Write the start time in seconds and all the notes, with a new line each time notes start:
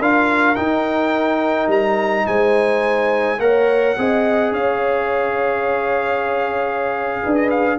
0.00 D4 F4 A#4 F5
0.56 D#4 G5
1.68 G3 A#5
2.27 G#3 C5 G#5
3.39 A#3 A#4 C#5 F#5
3.98 C4 G#4 D#5
4.52 C#4 C#5 F5
7.23 D4 B4
7.35 D#5
7.50 F5